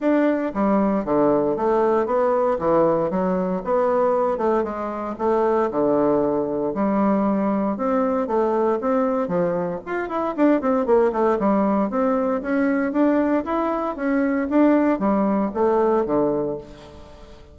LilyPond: \new Staff \with { instrumentName = "bassoon" } { \time 4/4 \tempo 4 = 116 d'4 g4 d4 a4 | b4 e4 fis4 b4~ | b8 a8 gis4 a4 d4~ | d4 g2 c'4 |
a4 c'4 f4 f'8 e'8 | d'8 c'8 ais8 a8 g4 c'4 | cis'4 d'4 e'4 cis'4 | d'4 g4 a4 d4 | }